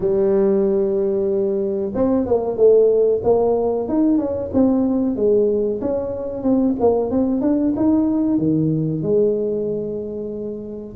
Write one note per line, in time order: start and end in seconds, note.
0.00 1.92 G3
1.94 2.26 C4
2.26 2.57 A#3
2.57 3.21 A3
3.23 3.88 A#3
3.88 4.18 D#4
4.18 4.50 C#4
4.53 5.16 C4
5.16 5.80 G#3
5.81 6.43 C#4
6.43 6.75 C4
6.79 7.11 A#3
7.11 7.41 C4
7.41 7.73 D4
7.76 8.38 D#4
8.38 9.02 D#3
9.02 10.96 G#3